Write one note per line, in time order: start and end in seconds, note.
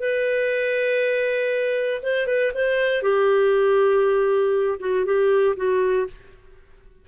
0.00 2.02 B4
2.02 2.27 C5
2.27 2.52 B4
2.54 3.02 C5
3.02 4.79 G4
4.80 5.05 F#4
5.05 5.55 G4
5.56 6.07 F#4